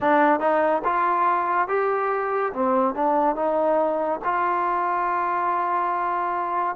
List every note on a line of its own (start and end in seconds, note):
0.00 0.40 D4
0.40 0.82 D#4
0.84 1.67 F4
1.67 2.52 G4
2.53 2.94 C4
2.94 3.35 D4
3.35 4.20 D#4
4.24 6.76 F4